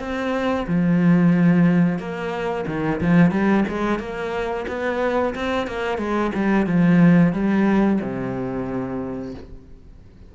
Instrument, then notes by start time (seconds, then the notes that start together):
cello
0.00 C4
0.68 F3
1.99 A#3
2.68 D#3
3.01 F3
3.32 G3
3.69 G#3
4.00 A#3
4.68 B3
5.35 C4
5.68 A#3
5.98 G#3
6.35 G3
6.67 F3
7.33 G3
8.02 C3